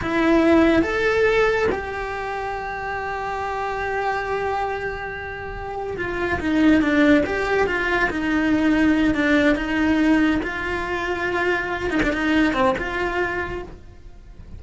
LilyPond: \new Staff \with { instrumentName = "cello" } { \time 4/4 \tempo 4 = 141 e'2 a'2 | g'1~ | g'1~ | g'2 f'4 dis'4 |
d'4 g'4 f'4 dis'4~ | dis'4. d'4 dis'4.~ | dis'8 f'2.~ f'8 | dis'16 d'16 dis'4 c'8 f'2 | }